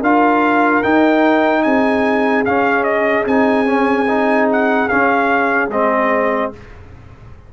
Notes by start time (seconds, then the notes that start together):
0.00 D4 F4 A#4 F5
0.83 D#4 G5
1.63 C4 G#4 G#5
2.46 C#4 F5
2.84 D#5
3.26 C4 D#4 G#5
3.67 C#4
4.08 D#4
4.52 F#5
4.89 C#4 F5
5.69 G#3 C4 D#5